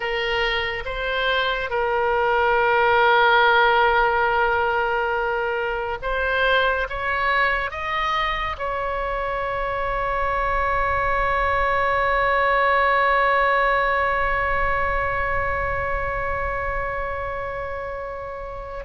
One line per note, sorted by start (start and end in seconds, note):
0.00 0.83 A#4
0.85 1.69 C5
1.69 5.98 A#4
6.02 6.87 C5
6.89 7.70 C#5
7.70 8.56 D#5
8.58 18.85 C#5